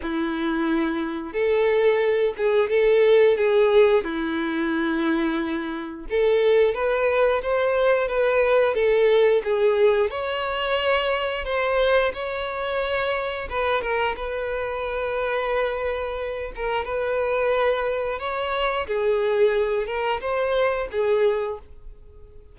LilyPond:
\new Staff \with { instrumentName = "violin" } { \time 4/4 \tempo 4 = 89 e'2 a'4. gis'8 | a'4 gis'4 e'2~ | e'4 a'4 b'4 c''4 | b'4 a'4 gis'4 cis''4~ |
cis''4 c''4 cis''2 | b'8 ais'8 b'2.~ | b'8 ais'8 b'2 cis''4 | gis'4. ais'8 c''4 gis'4 | }